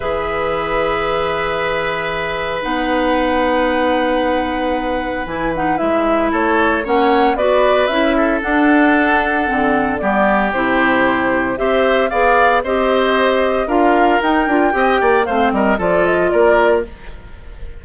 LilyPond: <<
  \new Staff \with { instrumentName = "flute" } { \time 4/4 \tempo 4 = 114 e''1~ | e''4 fis''2.~ | fis''2 gis''8 fis''8 e''4 | cis''4 fis''4 d''4 e''4 |
fis''2. d''4 | c''2 e''4 f''4 | dis''2 f''4 g''4~ | g''4 f''8 dis''8 d''8 dis''8 d''4 | }
  \new Staff \with { instrumentName = "oboe" } { \time 4/4 b'1~ | b'1~ | b'1 | a'4 cis''4 b'4. a'8~ |
a'2. g'4~ | g'2 c''4 d''4 | c''2 ais'2 | dis''8 d''8 c''8 ais'8 a'4 ais'4 | }
  \new Staff \with { instrumentName = "clarinet" } { \time 4/4 gis'1~ | gis'4 dis'2.~ | dis'2 e'8 dis'8 e'4~ | e'4 cis'4 fis'4 e'4 |
d'2 c'4 b4 | e'2 g'4 gis'4 | g'2 f'4 dis'8 f'8 | g'4 c'4 f'2 | }
  \new Staff \with { instrumentName = "bassoon" } { \time 4/4 e1~ | e4 b2.~ | b2 e4 gis4 | a4 ais4 b4 cis'4 |
d'2 d4 g4 | c2 c'4 b4 | c'2 d'4 dis'8 d'8 | c'8 ais8 a8 g8 f4 ais4 | }
>>